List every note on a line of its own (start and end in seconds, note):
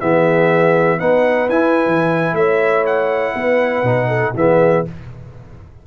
0.00 1.01 E3
0.00 0.99 B3
0.00 0.98 G#4
0.00 0.99 E5
0.98 1.49 B3
0.98 1.49 D#4
0.98 2.34 B4
0.98 1.49 F#5
1.49 1.86 E4
1.49 3.85 E4
1.49 2.35 G#5
1.86 2.33 E3
2.33 3.32 A3
2.33 3.34 C#5
2.33 2.85 E5
2.86 4.35 F#5
3.34 3.83 B3
3.34 4.08 B4
3.83 4.33 B2
3.83 4.34 D#4
4.08 4.33 A4
4.35 4.84 E3
4.35 4.85 B3
4.35 4.87 G#4
4.35 4.86 E5